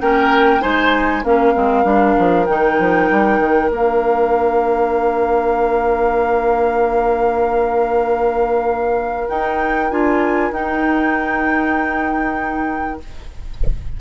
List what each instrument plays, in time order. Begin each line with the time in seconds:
0.00 bassoon A#3, clarinet C#4, oboe A#4, flute G5
0.61 bassoon G#3, clarinet D#4, oboe C5, flute G#5
1.23 bassoon A#3, clarinet C#4, oboe A#4, flute F5
1.55 bassoon G#3, clarinet C4
1.84 bassoon G3, clarinet D4
2.19 bassoon F3
2.46 bassoon D#3, clarinet D#4, flute G5
2.79 bassoon F3
3.11 bassoon G3
3.40 bassoon D#3
3.71 bassoon A#3, clarinet D4, flute F5
9.29 clarinet D#4, bassoon D#4, flute G5
9.90 bassoon D4, clarinet F4, flute G#5
10.51 bassoon D#4, clarinet D#4, flute G5